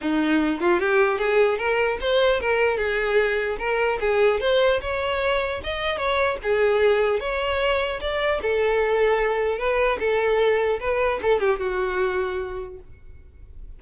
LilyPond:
\new Staff \with { instrumentName = "violin" } { \time 4/4 \tempo 4 = 150 dis'4. f'8 g'4 gis'4 | ais'4 c''4 ais'4 gis'4~ | gis'4 ais'4 gis'4 c''4 | cis''2 dis''4 cis''4 |
gis'2 cis''2 | d''4 a'2. | b'4 a'2 b'4 | a'8 g'8 fis'2. | }